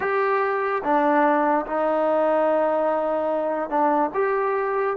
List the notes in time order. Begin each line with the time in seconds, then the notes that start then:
0.00 G4
0.83 D4
1.66 D#4
3.69 D4
4.14 G4